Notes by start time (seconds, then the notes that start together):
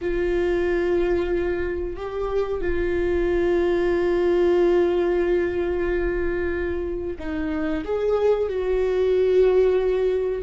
0.01 F4
1.96 G4
2.61 F4
7.18 D#4
7.84 G#4
8.48 F#4